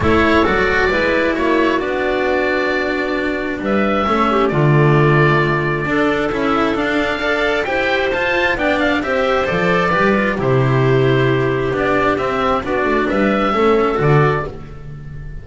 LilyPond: <<
  \new Staff \with { instrumentName = "oboe" } { \time 4/4 \tempo 4 = 133 cis''4 d''2 cis''4 | d''1 | e''2 d''2~ | d''2 e''4 f''4~ |
f''4 g''4 a''4 g''8 f''8 | e''4 d''2 c''4~ | c''2 d''4 e''4 | d''4 e''2 d''4 | }
  \new Staff \with { instrumentName = "clarinet" } { \time 4/4 a'2 b'4 fis'4~ | fis'1 | b'4 a'8 g'8 f'2~ | f'4 a'2. |
d''4 c''2 d''4 | c''2 b'4 g'4~ | g'1 | fis'4 b'4 a'2 | }
  \new Staff \with { instrumentName = "cello" } { \time 4/4 e'4 fis'4 e'2 | d'1~ | d'4 cis'4 a2~ | a4 d'4 e'4 d'4 |
a'4 g'4 f'4 d'4 | g'4 a'4 g'8 f'8 e'4~ | e'2 d'4 c'4 | d'2 cis'4 fis'4 | }
  \new Staff \with { instrumentName = "double bass" } { \time 4/4 a4 fis4 gis4 ais4 | b1 | g4 a4 d2~ | d4 d'4 cis'4 d'4~ |
d'4 e'4 f'4 b4 | c'4 f4 g4 c4~ | c2 b4 c'4 | b8 a8 g4 a4 d4 | }
>>